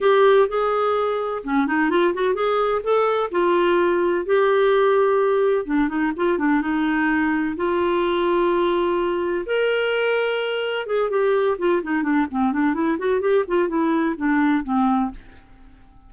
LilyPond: \new Staff \with { instrumentName = "clarinet" } { \time 4/4 \tempo 4 = 127 g'4 gis'2 cis'8 dis'8 | f'8 fis'8 gis'4 a'4 f'4~ | f'4 g'2. | d'8 dis'8 f'8 d'8 dis'2 |
f'1 | ais'2. gis'8 g'8~ | g'8 f'8 dis'8 d'8 c'8 d'8 e'8 fis'8 | g'8 f'8 e'4 d'4 c'4 | }